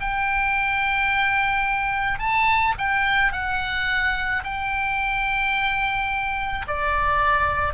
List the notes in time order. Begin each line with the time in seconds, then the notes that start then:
0.00 G5
2.19 A5
2.78 G5
3.32 F#5
4.43 G5
6.67 D5